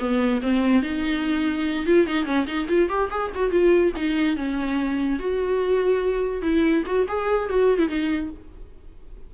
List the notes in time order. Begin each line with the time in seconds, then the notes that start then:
0.00 B3
0.43 C4
0.83 D#4
1.87 F4
2.07 D#4
2.26 C#4
2.47 D#4
2.69 F4
2.90 G4
3.11 G#4
3.35 F#4
3.51 F4
3.96 D#4
4.37 C#4
5.20 F#4
6.42 E4
6.87 F#4
7.08 G#4
7.50 F#4
7.79 E4
7.89 D#4